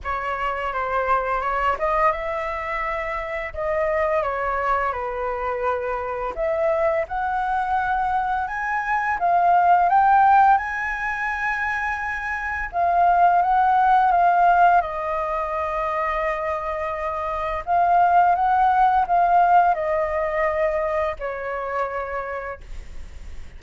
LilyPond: \new Staff \with { instrumentName = "flute" } { \time 4/4 \tempo 4 = 85 cis''4 c''4 cis''8 dis''8 e''4~ | e''4 dis''4 cis''4 b'4~ | b'4 e''4 fis''2 | gis''4 f''4 g''4 gis''4~ |
gis''2 f''4 fis''4 | f''4 dis''2.~ | dis''4 f''4 fis''4 f''4 | dis''2 cis''2 | }